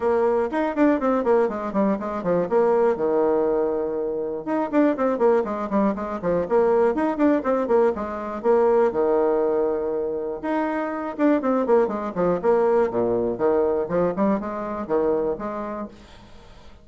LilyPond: \new Staff \with { instrumentName = "bassoon" } { \time 4/4 \tempo 4 = 121 ais4 dis'8 d'8 c'8 ais8 gis8 g8 | gis8 f8 ais4 dis2~ | dis4 dis'8 d'8 c'8 ais8 gis8 g8 | gis8 f8 ais4 dis'8 d'8 c'8 ais8 |
gis4 ais4 dis2~ | dis4 dis'4. d'8 c'8 ais8 | gis8 f8 ais4 ais,4 dis4 | f8 g8 gis4 dis4 gis4 | }